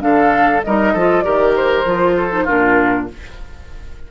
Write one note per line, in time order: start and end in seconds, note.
0.00 0.63 D3
0.00 0.61 D4
0.00 0.65 A4
0.00 0.62 F5
0.63 0.94 G3
0.63 0.98 D#4
0.63 0.93 A#4
0.63 1.22 D#5
0.93 1.24 F3
0.93 1.23 F4
0.93 1.23 A4
1.22 1.85 D#3
1.22 1.84 G4
1.22 2.16 A#4
1.22 1.52 D5
1.56 2.46 C5
1.85 2.46 F3
1.85 2.31 F4
2.17 2.44 A4
2.31 2.46 D#4
2.44 3.11 A#2
2.44 3.08 D4
2.44 3.05 F4
2.44 3.08 A#4